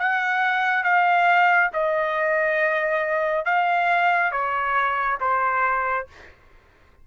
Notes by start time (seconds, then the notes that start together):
0.00 F#5
0.84 F5
1.74 D#5
3.46 F5
4.32 C#5
5.21 C5